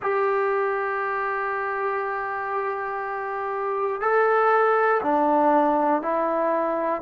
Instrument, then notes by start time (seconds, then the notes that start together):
trombone
0.02 G4
4.00 A4
5.02 D4
6.01 E4